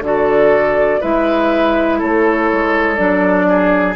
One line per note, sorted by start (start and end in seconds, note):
0.00 0.98 D3
0.00 1.01 F#4
0.00 1.00 A4
0.00 1.02 D5
1.00 2.01 G#3
1.00 2.96 E4
1.00 1.98 B4
1.00 2.00 E5
1.98 2.51 A3
1.98 3.46 A4
1.98 2.95 C#5
2.52 2.98 G#3
2.95 3.96 F#3
2.95 3.94 D4
2.95 3.93 D5
3.48 3.96 G#4